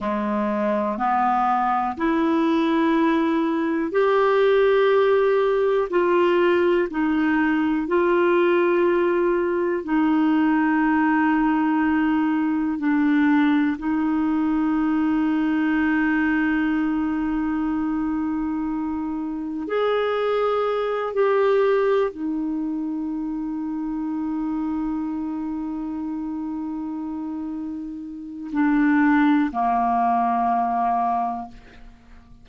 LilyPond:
\new Staff \with { instrumentName = "clarinet" } { \time 4/4 \tempo 4 = 61 gis4 b4 e'2 | g'2 f'4 dis'4 | f'2 dis'2~ | dis'4 d'4 dis'2~ |
dis'1 | gis'4. g'4 dis'4.~ | dis'1~ | dis'4 d'4 ais2 | }